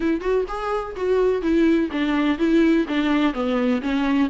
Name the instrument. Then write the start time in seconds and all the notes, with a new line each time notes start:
viola
0.00 E4
0.21 F#4
0.47 G#4
0.95 F#4
1.42 E4
1.91 D4
2.38 E4
2.88 D4
3.33 B3
3.81 C#4